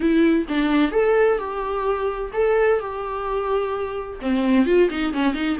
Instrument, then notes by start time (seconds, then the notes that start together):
viola
0.00 E4
0.48 D4
0.91 A4
1.38 G4
2.33 A4
2.79 G4
4.21 C4
4.66 F4
4.90 D#4
5.13 C#4
5.34 D#4